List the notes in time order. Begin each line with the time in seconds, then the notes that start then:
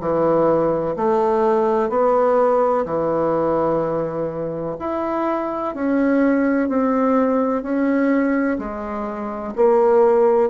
0.00 E3
0.96 A3
1.89 B3
2.85 E3
4.79 E4
5.74 C#4
6.68 C4
7.62 C#4
8.58 G#3
9.55 A#3